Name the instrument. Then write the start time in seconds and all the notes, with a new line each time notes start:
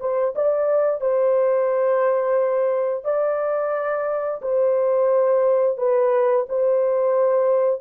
horn
0.00 C5
0.35 D5
1.01 C5
3.04 D5
4.42 C5
5.78 B4
6.49 C5